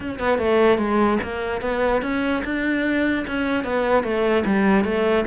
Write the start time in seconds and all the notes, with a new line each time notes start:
0.00 C#4
0.19 B3
0.38 A3
0.77 G#3
1.23 A#3
1.61 B3
2.02 C#4
2.44 D4
3.27 C#4
3.64 B3
4.03 A3
4.45 G3
4.84 A3